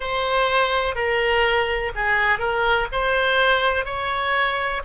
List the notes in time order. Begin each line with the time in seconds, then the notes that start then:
0.00 C5
0.95 A#4
1.95 G#4
2.38 A#4
2.92 C5
3.85 C#5